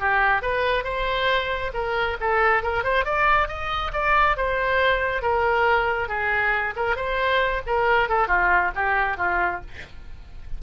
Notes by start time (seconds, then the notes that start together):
0.00 G4
0.42 B4
0.84 C5
1.74 A#4
2.21 A4
2.63 A#4
2.84 C5
3.05 D5
3.48 D#5
3.93 D5
4.37 C5
5.22 A#4
6.09 G#4
6.76 A#4
6.96 C5
7.66 A#4
8.09 A4
8.28 F4
8.76 G4
9.17 F4